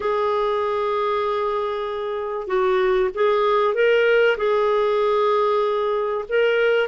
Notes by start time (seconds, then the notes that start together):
0.00 G#4
2.47 F#4
3.14 G#4
3.74 A#4
4.37 G#4
6.28 A#4